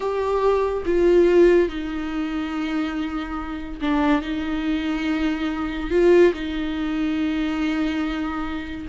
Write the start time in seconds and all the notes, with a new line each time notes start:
0.00 G4
0.85 F4
1.68 D#4
3.81 D4
4.21 D#4
5.90 F4
6.33 D#4